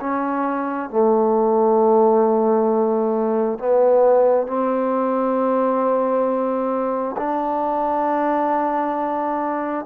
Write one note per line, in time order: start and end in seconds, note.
0.00 0.90 C#4
0.90 3.58 A3
3.59 4.47 B3
4.47 7.16 C4
7.17 9.85 D4